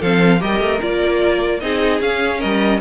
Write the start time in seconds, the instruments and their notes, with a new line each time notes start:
0.00 cello F3, viola C4, violin A4 F5
0.39 cello G3, viola G4, violin A#4 D#5
0.60 cello A3
0.80 cello A#3, viola F4, violin D5
1.60 cello C4, viola D#4, violin G#4 D#5
2.00 cello C#4, viola C#4, violin F5
2.39 cello G3, violin A#4 D#5